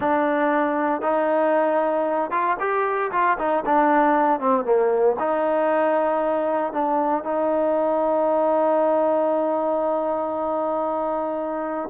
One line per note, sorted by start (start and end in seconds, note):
0.00 1.01 D4
1.01 2.30 D#4
2.30 2.56 F4
2.59 3.11 G4
3.11 3.37 F4
3.38 3.64 D#4
3.65 4.40 D4
4.40 4.64 C4
4.64 5.16 A#3
5.19 6.72 D#4
6.72 7.23 D4
7.23 11.89 D#4